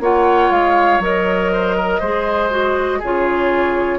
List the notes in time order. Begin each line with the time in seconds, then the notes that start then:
0.00 A#3 F4 C#5 F#5
0.50 G#3 F5
0.99 F#3 A#4 D#5
1.52 C5
1.76 A#4
2.00 G#3 G#4 C5
2.50 F#4
2.99 C#3 F4 G#4 C#5